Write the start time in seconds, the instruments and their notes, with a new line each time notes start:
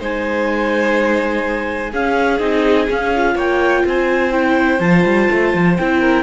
0.00 cello G#3, viola D#4, violin C5, clarinet G#5
1.91 cello C#4, viola C#4, violin G#4, clarinet F5
2.39 cello C4, viola D#4, clarinet D#5
2.89 viola C#4, cello C#4, clarinet F5
3.16 viola F4
3.35 cello A#3, violin C#5, clarinet G5
3.85 cello C4, violin C5, clarinet G#5
4.32 viola E4, clarinet G5
4.80 cello F3, viola F4, clarinet A5
5.05 cello G3
5.31 cello A3
5.54 cello F3
5.76 cello C4, viola E4, clarinet G5
6.00 violin A#4